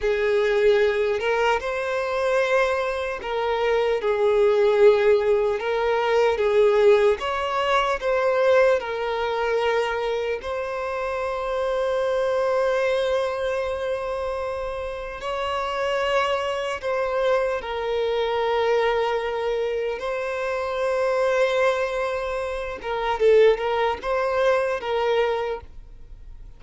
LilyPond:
\new Staff \with { instrumentName = "violin" } { \time 4/4 \tempo 4 = 75 gis'4. ais'8 c''2 | ais'4 gis'2 ais'4 | gis'4 cis''4 c''4 ais'4~ | ais'4 c''2.~ |
c''2. cis''4~ | cis''4 c''4 ais'2~ | ais'4 c''2.~ | c''8 ais'8 a'8 ais'8 c''4 ais'4 | }